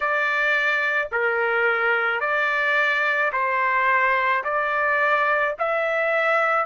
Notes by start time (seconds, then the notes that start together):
0.00 D5
1.11 A#4
2.20 D5
3.32 C5
4.44 D5
5.59 E5